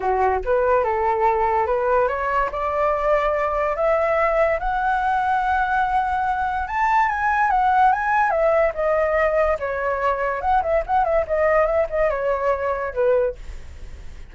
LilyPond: \new Staff \with { instrumentName = "flute" } { \time 4/4 \tempo 4 = 144 fis'4 b'4 a'2 | b'4 cis''4 d''2~ | d''4 e''2 fis''4~ | fis''1 |
a''4 gis''4 fis''4 gis''4 | e''4 dis''2 cis''4~ | cis''4 fis''8 e''8 fis''8 e''8 dis''4 | e''8 dis''8 cis''2 b'4 | }